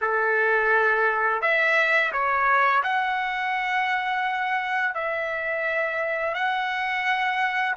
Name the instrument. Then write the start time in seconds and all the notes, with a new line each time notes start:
trumpet
0.01 A4
1.41 E5
2.12 C#5
2.83 F#5
4.94 E5
6.34 F#5